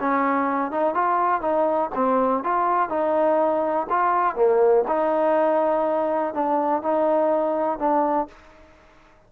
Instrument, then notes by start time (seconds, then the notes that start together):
trombone
0.00 C#4
0.71 D#4
0.95 F4
1.41 D#4
1.95 C4
2.44 F4
2.89 D#4
3.90 F4
4.36 A#3
4.88 D#4
6.34 D4
6.83 D#4
7.79 D4